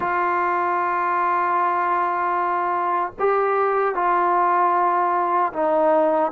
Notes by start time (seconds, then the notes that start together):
0.00 F4
3.19 G4
3.94 F4
5.52 D#4